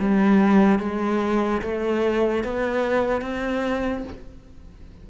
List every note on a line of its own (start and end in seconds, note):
0.00 0.80 G3
0.80 1.62 G#3
1.62 2.44 A3
2.44 3.22 B3
3.22 4.04 C4